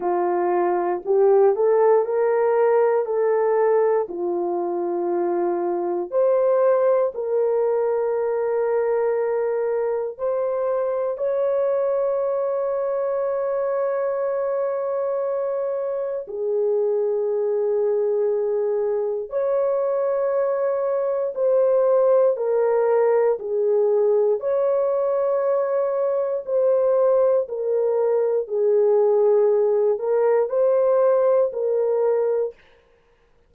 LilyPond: \new Staff \with { instrumentName = "horn" } { \time 4/4 \tempo 4 = 59 f'4 g'8 a'8 ais'4 a'4 | f'2 c''4 ais'4~ | ais'2 c''4 cis''4~ | cis''1 |
gis'2. cis''4~ | cis''4 c''4 ais'4 gis'4 | cis''2 c''4 ais'4 | gis'4. ais'8 c''4 ais'4 | }